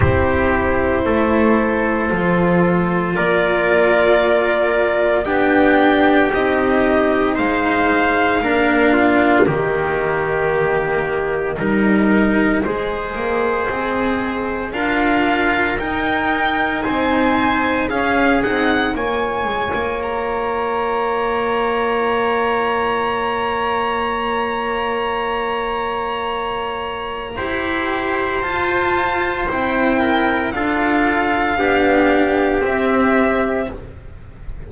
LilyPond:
<<
  \new Staff \with { instrumentName = "violin" } { \time 4/4 \tempo 4 = 57 c''2. d''4~ | d''4 g''4 dis''4 f''4~ | f''4 dis''2.~ | dis''2 f''4 g''4 |
gis''4 f''8 fis''8 gis''4 ais''4~ | ais''1~ | ais''2. a''4 | g''4 f''2 e''4 | }
  \new Staff \with { instrumentName = "trumpet" } { \time 4/4 g'4 a'2 ais'4~ | ais'4 g'2 c''4 | ais'8 f'8 g'2 ais'4 | c''2 ais'2 |
c''4 gis'4 cis''2~ | cis''1~ | cis''2 c''2~ | c''8 ais'8 a'4 g'2 | }
  \new Staff \with { instrumentName = "cello" } { \time 4/4 e'2 f'2~ | f'4 d'4 dis'2 | d'4 ais2 dis'4 | gis'2 f'4 dis'4~ |
dis'4 cis'8 dis'8 f'2~ | f'1~ | f'2 g'4 f'4 | e'4 f'4 d'4 c'4 | }
  \new Staff \with { instrumentName = "double bass" } { \time 4/4 c'4 a4 f4 ais4~ | ais4 b4 c'4 gis4 | ais4 dis2 g4 | gis8 ais8 c'4 d'4 dis'4 |
c'4 cis'8 c'8 ais8 gis16 ais4~ ais16~ | ais1~ | ais2 e'4 f'4 | c'4 d'4 b4 c'4 | }
>>